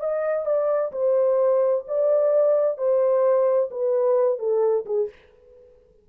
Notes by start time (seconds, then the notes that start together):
0.00 D#5
0.46 D5
0.92 C5
1.88 D5
2.78 C5
3.71 B4
4.39 A4
4.86 G#4